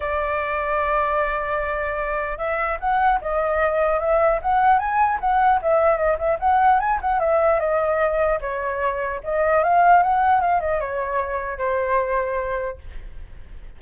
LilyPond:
\new Staff \with { instrumentName = "flute" } { \time 4/4 \tempo 4 = 150 d''1~ | d''2 e''4 fis''4 | dis''2 e''4 fis''4 | gis''4 fis''4 e''4 dis''8 e''8 |
fis''4 gis''8 fis''8 e''4 dis''4~ | dis''4 cis''2 dis''4 | f''4 fis''4 f''8 dis''8 cis''4~ | cis''4 c''2. | }